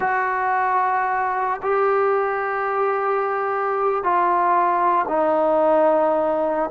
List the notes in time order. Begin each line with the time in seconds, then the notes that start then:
0.00 F#4
1.62 G4
4.03 F4
5.07 D#4